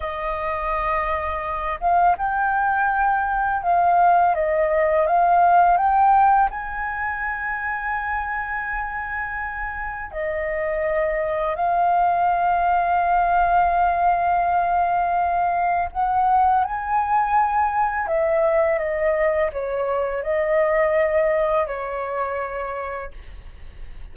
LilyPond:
\new Staff \with { instrumentName = "flute" } { \time 4/4 \tempo 4 = 83 dis''2~ dis''8 f''8 g''4~ | g''4 f''4 dis''4 f''4 | g''4 gis''2.~ | gis''2 dis''2 |
f''1~ | f''2 fis''4 gis''4~ | gis''4 e''4 dis''4 cis''4 | dis''2 cis''2 | }